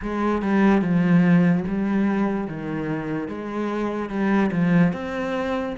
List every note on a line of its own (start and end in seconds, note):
0.02 0.41 G#3
0.41 0.81 G3
0.81 1.64 F3
1.67 2.47 G3
2.47 3.28 D#3
3.28 4.09 G#3
4.09 4.50 G3
4.51 4.92 F3
4.92 5.75 C4